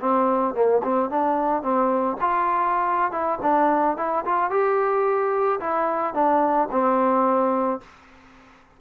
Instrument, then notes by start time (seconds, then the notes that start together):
trombone
0.00 C4
0.55 A#3
0.83 C4
1.10 D4
1.63 C4
2.21 F4
3.12 E4
3.42 D4
3.97 E4
4.25 F4
4.51 G4
5.60 E4
6.14 D4
6.71 C4